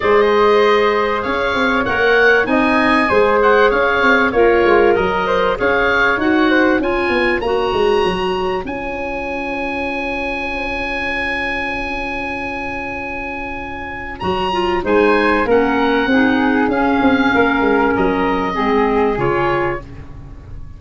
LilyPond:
<<
  \new Staff \with { instrumentName = "oboe" } { \time 4/4 \tempo 4 = 97 dis''2 f''4 fis''4 | gis''4. fis''8 f''4 cis''4 | dis''4 f''4 fis''4 gis''4 | ais''2 gis''2~ |
gis''1~ | gis''2. ais''4 | gis''4 fis''2 f''4~ | f''4 dis''2 cis''4 | }
  \new Staff \with { instrumentName = "flute" } { \time 4/4 c''2 cis''2 | dis''4 c''4 cis''4 f'4 | ais'8 c''8 cis''4. c''8 cis''4~ | cis''1~ |
cis''1~ | cis''1 | c''4 ais'4 gis'2 | ais'2 gis'2 | }
  \new Staff \with { instrumentName = "clarinet" } { \time 4/4 gis'2. ais'4 | dis'4 gis'2 ais'4~ | ais'4 gis'4 fis'4 f'4 | fis'2 f'2~ |
f'1~ | f'2. fis'8 f'8 | dis'4 cis'4 dis'4 cis'4~ | cis'2 c'4 f'4 | }
  \new Staff \with { instrumentName = "tuba" } { \time 4/4 gis2 cis'8 c'8 ais4 | c'4 gis4 cis'8 c'8 ais8 gis8 | fis4 cis'4 dis'4 cis'8 b8 | ais8 gis8 fis4 cis'2~ |
cis'1~ | cis'2. fis4 | gis4 ais4 c'4 cis'8 c'8 | ais8 gis8 fis4 gis4 cis4 | }
>>